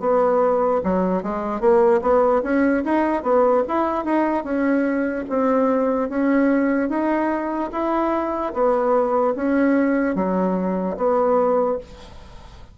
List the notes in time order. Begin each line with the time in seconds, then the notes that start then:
0.00 B3
0.84 F#3
1.23 G#3
1.60 A#3
2.01 B3
2.43 C#4
2.85 D#4
3.22 B3
3.68 E4
4.04 D#4
4.44 C#4
5.29 C4
6.09 C#4
6.89 D#4
7.72 E4
8.53 B3
9.35 C#4
10.15 F#3
10.96 B3